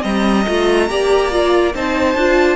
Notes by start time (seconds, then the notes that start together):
0.00 G3 C4 D#5 A#5
0.46 A3 F4
0.89 A#3 G4 D5
1.31 F4
1.74 C4 D#4 C5 A5
2.15 D4 F4